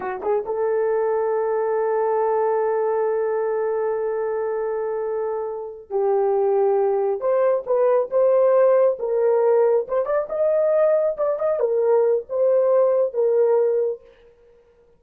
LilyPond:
\new Staff \with { instrumentName = "horn" } { \time 4/4 \tempo 4 = 137 fis'8 gis'8 a'2.~ | a'1~ | a'1~ | a'4. g'2~ g'8~ |
g'8 c''4 b'4 c''4.~ | c''8 ais'2 c''8 d''8 dis''8~ | dis''4. d''8 dis''8 ais'4. | c''2 ais'2 | }